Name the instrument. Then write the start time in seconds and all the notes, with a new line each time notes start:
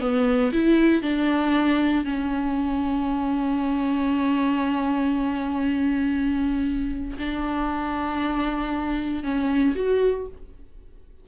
viola
0.00 B3
0.52 E4
1.02 D4
2.04 C#4
7.18 D4
9.23 C#4
9.75 F#4